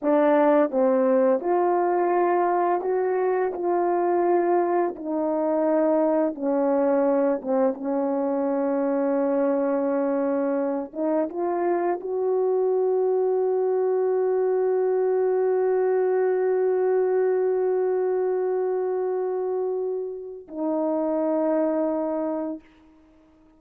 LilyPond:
\new Staff \with { instrumentName = "horn" } { \time 4/4 \tempo 4 = 85 d'4 c'4 f'2 | fis'4 f'2 dis'4~ | dis'4 cis'4. c'8 cis'4~ | cis'2.~ cis'8 dis'8 |
f'4 fis'2.~ | fis'1~ | fis'1~ | fis'4 dis'2. | }